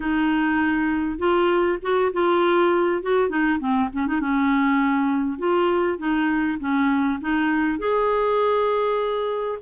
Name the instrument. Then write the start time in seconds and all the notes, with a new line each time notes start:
clarinet
0.00 D#4
1.18 F4
1.82 F#4
2.12 F4
3.02 F#4
3.29 D#4
3.59 C4
3.92 C#4
4.07 D#4
4.20 C#4
5.38 F4
5.98 D#4
6.59 C#4
7.20 D#4
7.78 G#4